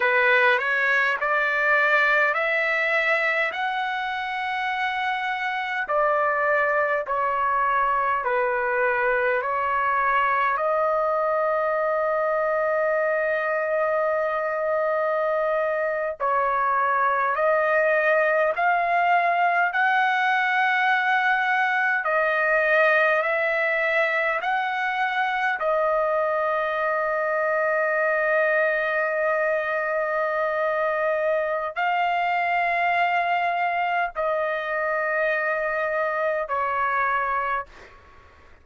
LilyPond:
\new Staff \with { instrumentName = "trumpet" } { \time 4/4 \tempo 4 = 51 b'8 cis''8 d''4 e''4 fis''4~ | fis''4 d''4 cis''4 b'4 | cis''4 dis''2.~ | dis''4.~ dis''16 cis''4 dis''4 f''16~ |
f''8. fis''2 dis''4 e''16~ | e''8. fis''4 dis''2~ dis''16~ | dis''2. f''4~ | f''4 dis''2 cis''4 | }